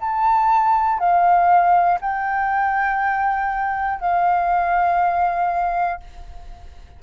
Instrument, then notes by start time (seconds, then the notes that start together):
flute
0.00 A5
0.99 F5
2.00 G5
4.00 F5